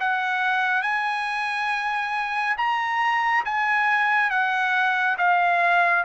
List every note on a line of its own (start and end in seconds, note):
0.00 0.83 F#5
0.83 2.57 G#5
2.58 3.45 A#5
3.45 4.30 G#5
4.30 5.17 F#5
5.18 6.05 F5